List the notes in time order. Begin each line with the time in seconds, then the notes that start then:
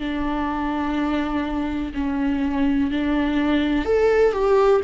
0.00 D4
1.94 C#4
2.92 D4
3.86 A4
4.33 G4